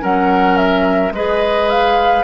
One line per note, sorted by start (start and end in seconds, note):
0.00 1.11 F#3
0.00 1.11 C#4
0.00 1.12 A#4
0.00 0.57 F#5
0.57 1.12 E5
1.11 2.22 G#3
1.11 2.23 G#4
1.11 2.23 B4
1.11 1.69 D#5
1.69 2.23 F5